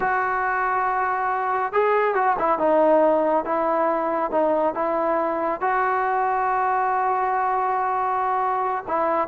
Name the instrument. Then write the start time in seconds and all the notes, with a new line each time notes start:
trombone
0.00 F#4
1.72 G#4
2.14 F#4
2.38 E4
2.58 D#4
3.45 E4
4.31 D#4
4.74 E4
5.60 F#4
8.87 E4